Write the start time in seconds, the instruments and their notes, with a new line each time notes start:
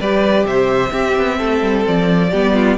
0.00 cello G3, viola G4, violin B4 D5
0.45 cello C3, violin C5 E5
0.90 viola C4, cello C4, violin G4
1.17 cello B3
1.39 cello A3, violin A4
1.62 cello G3
1.87 cello F3, violin D5
2.30 cello G3, viola B3, violin G4
2.54 violin F4